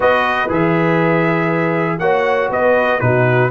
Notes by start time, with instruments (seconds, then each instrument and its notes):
0.00 tuba B3, trombone F#4, horn B4, trumpet D#5
0.48 tuba E3, trombone G#4, trumpet E5
1.99 tuba A#3, trombone F#4, horn C#5, trumpet F#5
2.49 tuba B3, horn B4, trumpet D#5
2.99 tuba B2, trombone D#4, horn F#4, trumpet B4